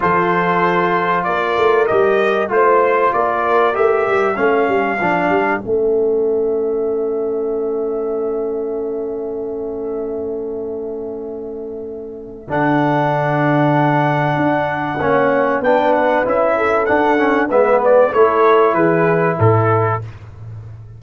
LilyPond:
<<
  \new Staff \with { instrumentName = "trumpet" } { \time 4/4 \tempo 4 = 96 c''2 d''4 dis''4 | c''4 d''4 e''4 f''4~ | f''4 e''2.~ | e''1~ |
e''1 | fis''1~ | fis''4 g''8 fis''8 e''4 fis''4 | e''8 d''8 cis''4 b'4 a'4 | }
  \new Staff \with { instrumentName = "horn" } { \time 4/4 a'2 ais'2 | c''4 ais'2 a'4~ | a'1~ | a'1~ |
a'1~ | a'1 | cis''4 b'4. a'4. | b'4 a'4 gis'4 a'4 | }
  \new Staff \with { instrumentName = "trombone" } { \time 4/4 f'2. g'4 | f'2 g'4 cis'4 | d'4 cis'2.~ | cis'1~ |
cis'1 | d'1 | cis'4 d'4 e'4 d'8 cis'8 | b4 e'2. | }
  \new Staff \with { instrumentName = "tuba" } { \time 4/4 f2 ais8 a8 g4 | a4 ais4 a8 g8 a8 g8 | f8 g8 a2.~ | a1~ |
a1 | d2. d'4 | ais4 b4 cis'4 d'4 | gis4 a4 e4 a,4 | }
>>